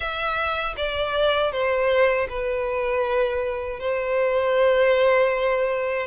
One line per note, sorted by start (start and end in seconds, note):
0.00 0.75 E5
0.76 1.52 D5
1.52 2.28 C5
2.29 3.79 B4
3.79 6.07 C5